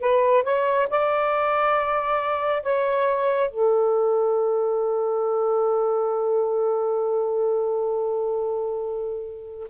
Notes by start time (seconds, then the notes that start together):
0.00 B4
0.44 C#5
0.90 D5
2.63 C#5
3.51 A4